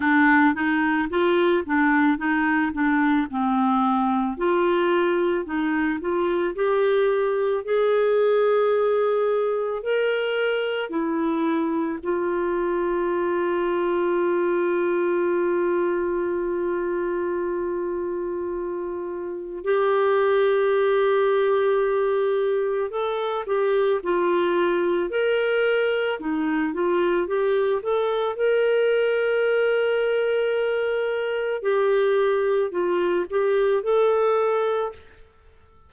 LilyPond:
\new Staff \with { instrumentName = "clarinet" } { \time 4/4 \tempo 4 = 55 d'8 dis'8 f'8 d'8 dis'8 d'8 c'4 | f'4 dis'8 f'8 g'4 gis'4~ | gis'4 ais'4 e'4 f'4~ | f'1~ |
f'2 g'2~ | g'4 a'8 g'8 f'4 ais'4 | dis'8 f'8 g'8 a'8 ais'2~ | ais'4 g'4 f'8 g'8 a'4 | }